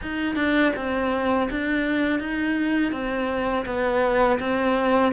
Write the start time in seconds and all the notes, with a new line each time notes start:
0.02 D#4
0.35 D4
0.75 C4
1.50 D4
2.20 D#4
2.92 C4
3.66 B3
4.39 C4